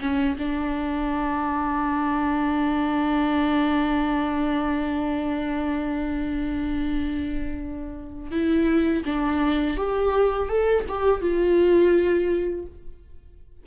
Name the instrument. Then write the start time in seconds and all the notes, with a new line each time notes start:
viola
0.00 C#4
0.38 D4
8.31 E4
9.05 D4
9.77 G4
10.49 A4
10.88 G4
11.21 F4